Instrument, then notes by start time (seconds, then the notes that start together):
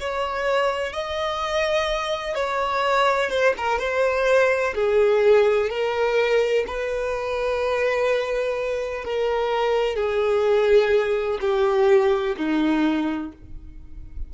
violin
0.00 C#5
0.93 D#5
2.35 C#5
3.30 C5
3.57 A#4
3.79 C5
4.75 G#4
5.70 A#4
6.67 B4
9.04 A#4
9.96 G#4
11.41 G4
12.37 D#4